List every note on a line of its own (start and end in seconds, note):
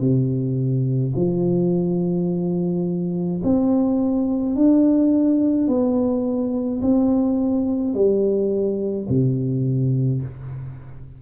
0.00 1.13 C3
1.15 3.42 F3
3.44 4.55 C4
4.55 5.68 D4
5.68 6.81 B3
6.81 7.94 C4
7.94 9.07 G3
9.09 10.22 C3